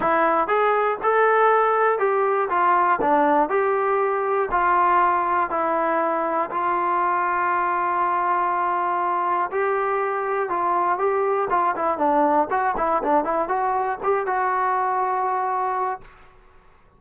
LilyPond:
\new Staff \with { instrumentName = "trombone" } { \time 4/4 \tempo 4 = 120 e'4 gis'4 a'2 | g'4 f'4 d'4 g'4~ | g'4 f'2 e'4~ | e'4 f'2.~ |
f'2. g'4~ | g'4 f'4 g'4 f'8 e'8 | d'4 fis'8 e'8 d'8 e'8 fis'4 | g'8 fis'2.~ fis'8 | }